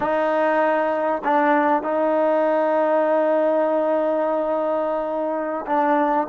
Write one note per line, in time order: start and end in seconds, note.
0.00 1.22 D#4
1.24 1.82 D4
1.82 5.65 D#4
5.66 6.27 D4